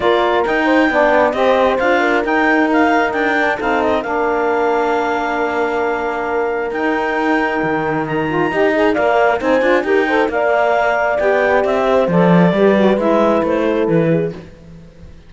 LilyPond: <<
  \new Staff \with { instrumentName = "clarinet" } { \time 4/4 \tempo 4 = 134 d''4 g''2 dis''4 | f''4 g''4 f''4 g''4 | f''8 dis''8 f''2.~ | f''2. g''4~ |
g''2 ais''2 | f''4 gis''4 g''4 f''4~ | f''4 g''4 e''4 d''4~ | d''4 e''4 c''4 b'4 | }
  \new Staff \with { instrumentName = "horn" } { \time 4/4 ais'4. c''8 d''4 c''4~ | c''8 ais'2.~ ais'8 | a'4 ais'2.~ | ais'1~ |
ais'2. dis''4 | d''4 c''4 ais'8 c''8 d''4~ | d''2~ d''8 c''4. | b'2~ b'8 a'4 gis'8 | }
  \new Staff \with { instrumentName = "saxophone" } { \time 4/4 f'4 dis'4 d'4 g'4 | f'4 dis'2~ dis'8 d'8 | dis'4 d'2.~ | d'2. dis'4~ |
dis'2~ dis'8 f'8 g'8 gis'8 | ais'4 dis'8 f'8 g'8 a'8 ais'4~ | ais'4 g'2 a'4 | g'8 fis'8 e'2. | }
  \new Staff \with { instrumentName = "cello" } { \time 4/4 ais4 dis'4 b4 c'4 | d'4 dis'2 d'4 | c'4 ais2.~ | ais2. dis'4~ |
dis'4 dis2 dis'4 | ais4 c'8 d'8 dis'4 ais4~ | ais4 b4 c'4 f4 | g4 gis4 a4 e4 | }
>>